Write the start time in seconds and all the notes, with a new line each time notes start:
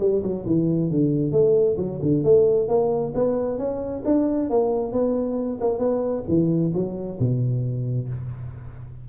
0.00 G3
0.23 F#3
0.46 E3
0.91 D3
1.32 A3
1.78 F#3
2.03 D3
2.24 A3
2.69 A#3
3.15 B3
3.59 C#4
4.05 D4
4.50 A#3
4.92 B3
5.61 A#3
5.79 B3
6.29 E3
6.74 F#3
7.19 B2